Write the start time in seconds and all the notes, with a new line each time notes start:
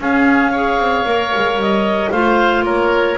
0.00 C#4 G#4 F5
0.52 G#4 C#5
0.78 C4
1.06 A#3 A#4
1.36 G#3
1.56 G3 D#5
2.11 A3 F4 C5 F5
2.62 A#3 A#4 C#5